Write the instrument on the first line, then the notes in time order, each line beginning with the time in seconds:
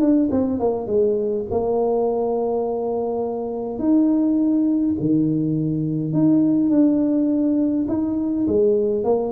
tuba
0.00 D4
0.31 C4
0.59 A#3
0.87 G#3
1.50 A#3
3.78 D#4
5.00 D#3
6.13 D#4
6.69 D4
7.88 D#4
8.47 G#3
9.04 A#3